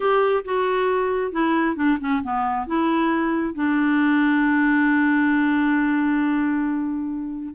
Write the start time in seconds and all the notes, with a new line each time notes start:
0.00 G4
0.44 F#4
1.32 E4
1.76 D4
2.00 C#4
2.23 B3
2.66 E4
3.54 D4